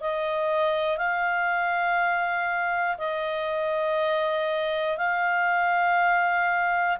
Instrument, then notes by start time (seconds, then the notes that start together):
clarinet
0.00 D#5
0.97 F5
2.97 D#5
4.97 F5